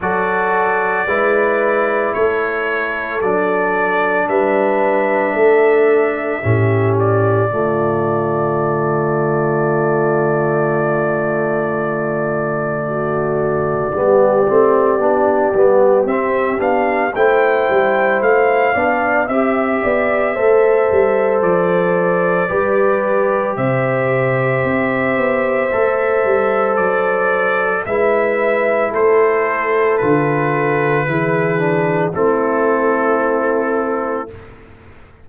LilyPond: <<
  \new Staff \with { instrumentName = "trumpet" } { \time 4/4 \tempo 4 = 56 d''2 cis''4 d''4 | e''2~ e''8 d''4.~ | d''1~ | d''2. e''8 f''8 |
g''4 f''4 e''2 | d''2 e''2~ | e''4 d''4 e''4 c''4 | b'2 a'2 | }
  \new Staff \with { instrumentName = "horn" } { \time 4/4 a'4 b'4 a'2 | b'4 a'4 g'4 f'4~ | f'1 | fis'4 g'2. |
c''4. d''8 e''8 d''8 c''4~ | c''4 b'4 c''2~ | c''2 b'4 a'4~ | a'4 gis'4 e'2 | }
  \new Staff \with { instrumentName = "trombone" } { \time 4/4 fis'4 e'2 d'4~ | d'2 cis'4 a4~ | a1~ | a4 b8 c'8 d'8 b8 c'8 d'8 |
e'4. d'8 g'4 a'4~ | a'4 g'2. | a'2 e'2 | f'4 e'8 d'8 c'2 | }
  \new Staff \with { instrumentName = "tuba" } { \time 4/4 fis4 gis4 a4 fis4 | g4 a4 a,4 d4~ | d1~ | d4 g8 a8 b8 g8 c'8 b8 |
a8 g8 a8 b8 c'8 b8 a8 g8 | f4 g4 c4 c'8 b8 | a8 g8 fis4 gis4 a4 | d4 e4 a2 | }
>>